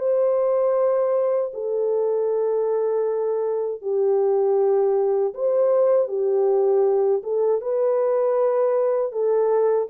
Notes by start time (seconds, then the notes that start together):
0.00 C5
1.54 A4
3.82 G4
5.34 C5
6.08 G4
7.24 A4
7.62 B4
9.12 A4